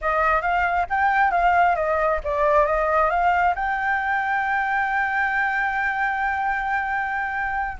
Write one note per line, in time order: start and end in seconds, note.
0.01 0.41 D#5
0.41 0.86 F5
0.89 1.31 G5
1.31 1.75 F5
1.75 2.20 D#5
2.23 2.65 D5
2.65 3.10 D#5
3.10 3.54 F5
3.55 7.77 G5